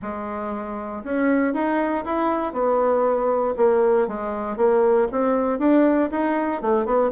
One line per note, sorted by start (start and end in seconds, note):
0.02 1.03 G#3
1.04 1.53 C#4
1.53 2.04 D#4
2.05 2.52 E4
2.52 3.54 B3
3.56 4.07 A#3
4.07 4.56 G#3
4.56 5.07 A#3
5.11 5.58 C4
5.58 6.09 D4
6.11 6.61 D#4
6.61 6.85 A3
6.85 7.10 B3